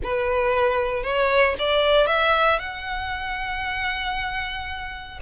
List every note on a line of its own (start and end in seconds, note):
0.03 1.03 B4
1.03 1.55 C#5
1.58 2.07 D5
2.07 2.59 E5
2.59 5.20 F#5